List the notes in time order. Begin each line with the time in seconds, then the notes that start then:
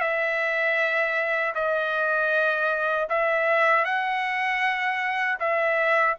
0.00 E5
1.54 D#5
3.09 E5
3.84 F#5
5.39 E5